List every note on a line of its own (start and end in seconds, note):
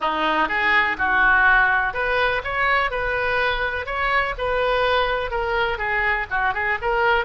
0.00 0.48 D#4
0.48 0.96 G#4
0.98 1.93 F#4
1.93 2.41 B4
2.43 2.91 C#5
2.91 3.86 B4
3.86 4.34 C#5
4.38 5.30 B4
5.30 5.78 A#4
5.78 6.26 G#4
6.30 6.54 F#4
6.54 6.78 G#4
6.81 7.25 A#4